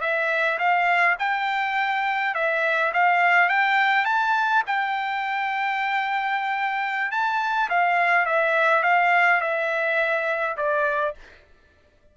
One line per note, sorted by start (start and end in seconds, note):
0.00 0.58 E5
0.58 1.16 F5
1.19 2.34 G5
2.34 2.92 E5
2.93 3.49 F5
3.49 4.05 G5
4.05 4.63 A5
4.66 7.11 G5
7.11 7.69 A5
7.69 8.25 F5
8.25 8.83 E5
8.83 9.40 F5
9.41 10.56 E5
10.57 11.14 D5